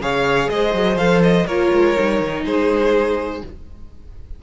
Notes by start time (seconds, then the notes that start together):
0.00 C#3 G#4 C#5 F5
0.49 G#3 C5 D#5
0.74 F#3
0.96 F3 A4 F5
1.22 D#5
1.46 A#3 F4 A#4 C#5
1.72 G#3
1.97 G3 D#4
2.20 D#3
2.44 G#3 G#4 C5